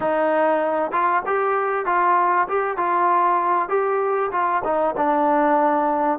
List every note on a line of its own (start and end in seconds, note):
0.00 0.91 D#4
0.91 1.22 F4
1.25 1.85 G4
1.85 2.47 F4
2.48 2.77 G4
2.77 3.68 F4
3.68 4.30 G4
4.31 4.62 F4
4.64 4.95 D#4
4.96 6.19 D4